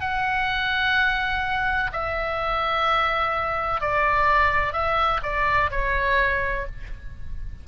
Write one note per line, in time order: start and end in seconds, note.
0.00 1.90 F#5
1.92 3.81 E5
3.81 4.73 D5
4.73 5.20 E5
5.23 5.70 D5
5.71 6.66 C#5